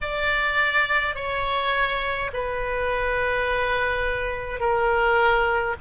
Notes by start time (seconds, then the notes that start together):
0.01 D5
1.15 C#5
2.33 B4
4.59 A#4